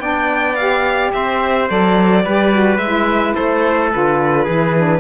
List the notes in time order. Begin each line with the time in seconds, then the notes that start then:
0.00 B3 D4 D5 G5
0.55 G4 F5
1.13 C4 C5 E5
1.68 F#3 A4 D5
2.25 G3 G4 B4
2.52 F#4
2.78 G#3 E4 E5
3.35 A3 A4 C5
3.92 D3 F4 B4
4.44 E3 E4 G#4
4.77 D4